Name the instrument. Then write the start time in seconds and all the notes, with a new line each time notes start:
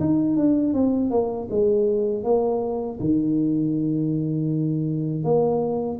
tuba
0.00 D#4
0.36 D4
0.73 C4
1.10 A#3
1.50 G#3
2.24 A#3
3.00 D#3
5.23 A#3